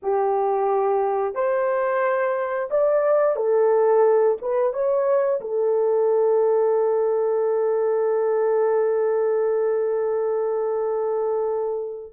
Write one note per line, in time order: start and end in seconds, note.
0.02 1.35 G4
1.35 2.69 C5
2.70 3.36 D5
3.36 4.37 A4
4.41 4.73 B4
4.73 5.40 C#5
5.41 12.13 A4